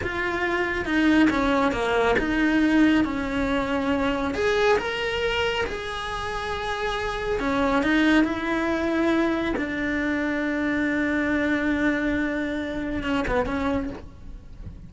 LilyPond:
\new Staff \with { instrumentName = "cello" } { \time 4/4 \tempo 4 = 138 f'2 dis'4 cis'4 | ais4 dis'2 cis'4~ | cis'2 gis'4 ais'4~ | ais'4 gis'2.~ |
gis'4 cis'4 dis'4 e'4~ | e'2 d'2~ | d'1~ | d'2 cis'8 b8 cis'4 | }